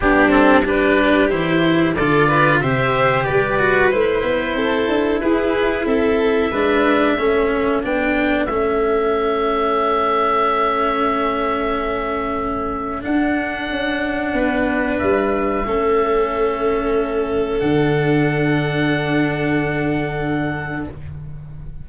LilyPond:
<<
  \new Staff \with { instrumentName = "oboe" } { \time 4/4 \tempo 4 = 92 g'8 a'8 b'4 c''4 d''4 | e''4 d''4 c''2 | b'4 e''2. | g''4 e''2.~ |
e''1 | fis''2. e''4~ | e''2. fis''4~ | fis''1 | }
  \new Staff \with { instrumentName = "violin" } { \time 4/4 d'4 g'2 a'8 b'8 | c''4 b'2 a'4 | gis'4 a'4 b'4 a'4~ | a'1~ |
a'1~ | a'2 b'2 | a'1~ | a'1 | }
  \new Staff \with { instrumentName = "cello" } { \time 4/4 b8 c'8 d'4 e'4 f'4 | g'4. fis'8 e'2~ | e'2 d'4 cis'4 | d'4 cis'2.~ |
cis'1 | d'1 | cis'2. d'4~ | d'1 | }
  \new Staff \with { instrumentName = "tuba" } { \time 4/4 g2 e4 d4 | c4 g4 a8 b8 c'8 d'8 | e'4 c'4 gis4 a4 | b4 a2.~ |
a1 | d'4 cis'4 b4 g4 | a2. d4~ | d1 | }
>>